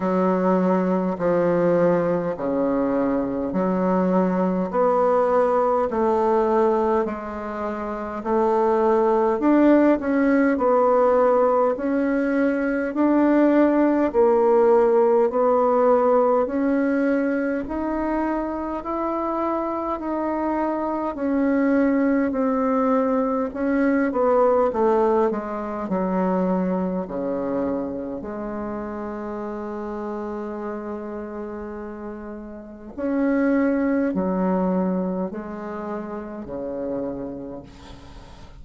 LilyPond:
\new Staff \with { instrumentName = "bassoon" } { \time 4/4 \tempo 4 = 51 fis4 f4 cis4 fis4 | b4 a4 gis4 a4 | d'8 cis'8 b4 cis'4 d'4 | ais4 b4 cis'4 dis'4 |
e'4 dis'4 cis'4 c'4 | cis'8 b8 a8 gis8 fis4 cis4 | gis1 | cis'4 fis4 gis4 cis4 | }